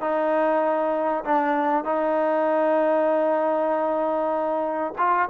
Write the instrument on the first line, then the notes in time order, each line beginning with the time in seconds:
trombone
0.00 D#4
1.24 D4
1.84 D#4
4.98 F4